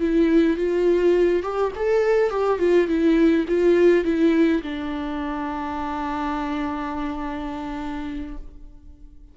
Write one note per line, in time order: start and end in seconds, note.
0.00 0.57 E4
0.57 1.43 F4
1.43 1.72 G4
1.76 2.30 A4
2.30 2.59 G4
2.59 2.87 F4
2.87 3.45 E4
3.48 4.04 F4
4.04 4.62 E4
4.62 8.37 D4